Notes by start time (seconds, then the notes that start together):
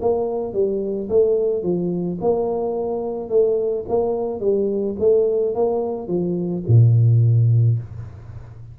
0.00 A#3
0.53 G3
1.09 A3
1.62 F3
2.20 A#3
3.29 A3
3.88 A#3
4.40 G3
4.99 A3
5.55 A#3
6.07 F3
6.67 A#2